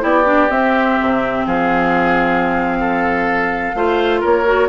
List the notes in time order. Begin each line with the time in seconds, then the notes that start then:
0.00 B3 E4 G4 D5
0.24 D4
0.50 C4 E5
1.01 C3
1.46 F3 G#4 F5
2.80 A4
3.74 A3 F4 C5
4.21 A#3 A#4 C#5
4.45 F#4